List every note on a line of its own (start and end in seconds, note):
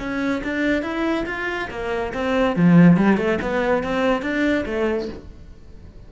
0.00 0.43 C#4
0.44 0.83 D4
0.83 1.26 E4
1.27 1.69 F4
1.71 2.13 A#3
2.14 2.57 C4
2.57 2.97 F3
2.97 3.18 G3
3.18 3.39 A3
3.42 3.84 B3
3.84 4.22 C4
4.22 4.65 D4
4.66 5.09 A3